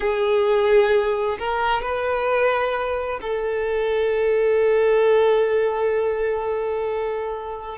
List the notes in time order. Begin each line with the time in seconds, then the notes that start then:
0.00 G#4
1.38 A#4
1.82 B4
3.21 A4